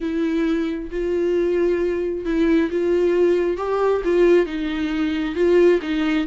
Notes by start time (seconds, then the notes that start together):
0.01 E4
0.91 F4
2.25 E4
2.70 F4
3.57 G4
4.04 F4
4.46 D#4
5.35 F4
5.81 D#4